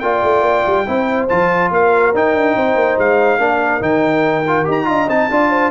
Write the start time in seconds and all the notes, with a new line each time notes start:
0.00 A#3 F4 D5 G5
0.24 A3
0.42 A#3
0.66 G3
0.87 C4 E4 C5
1.29 F3 F4 A5
1.71 A#3 A#4 F5
2.14 D#4 G5
2.34 D4
2.56 C4 C5
2.75 A#3
2.99 G#3 F5
3.39 A#3 D4 A#4
3.81 D#3 D#4 G5
4.48 F4
4.65 D#4 G4
4.71 A#5
4.85 D4 F4 D#5
5.08 C4 D#4 A5
5.31 D4 F4 D5
5.50 C5